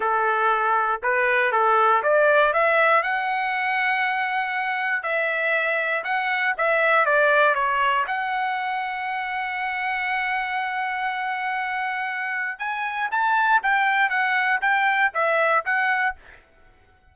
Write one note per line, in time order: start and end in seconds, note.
0.00 1.01 A4
1.02 1.51 B4
1.51 2.02 A4
2.02 2.53 D5
2.53 3.02 E5
3.02 5.03 F#5
5.03 6.03 E5
6.04 6.54 F#5
6.57 7.05 E5
7.05 7.54 D5
7.54 8.05 C#5
8.07 12.58 F#5
12.58 13.09 G#5
13.11 13.61 A5
13.62 14.09 G5
14.09 14.60 F#5
14.61 15.11 G5
15.14 15.64 E5
15.65 16.15 F#5